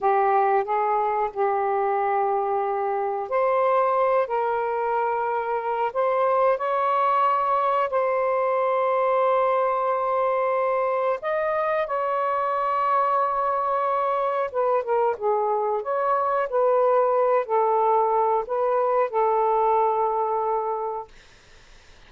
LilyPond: \new Staff \with { instrumentName = "saxophone" } { \time 4/4 \tempo 4 = 91 g'4 gis'4 g'2~ | g'4 c''4. ais'4.~ | ais'4 c''4 cis''2 | c''1~ |
c''4 dis''4 cis''2~ | cis''2 b'8 ais'8 gis'4 | cis''4 b'4. a'4. | b'4 a'2. | }